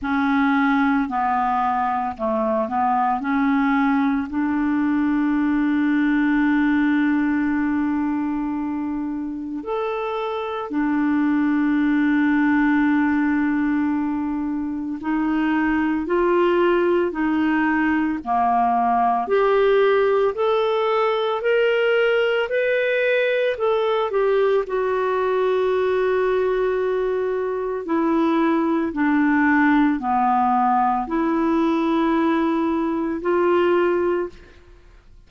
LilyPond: \new Staff \with { instrumentName = "clarinet" } { \time 4/4 \tempo 4 = 56 cis'4 b4 a8 b8 cis'4 | d'1~ | d'4 a'4 d'2~ | d'2 dis'4 f'4 |
dis'4 ais4 g'4 a'4 | ais'4 b'4 a'8 g'8 fis'4~ | fis'2 e'4 d'4 | b4 e'2 f'4 | }